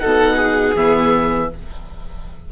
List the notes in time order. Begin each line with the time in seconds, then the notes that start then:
0.00 B2 D#4 A4 F#5
0.37 G#4
0.75 E3 B3 E5